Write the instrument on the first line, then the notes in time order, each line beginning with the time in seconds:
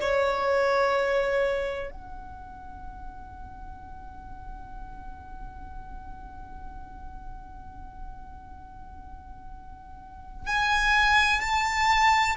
violin
0.00 C#5
1.90 F#5
10.46 G#5
11.40 A5